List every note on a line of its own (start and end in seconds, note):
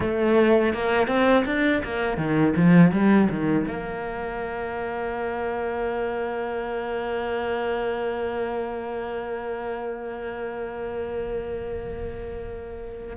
0.00 0.73 A3
0.73 1.07 A#3
1.07 1.44 C4
1.45 1.82 D4
1.84 2.17 A#3
2.17 2.53 D#3
2.56 2.91 F3
2.91 3.28 G3
3.30 3.66 D#3
3.67 13.16 A#3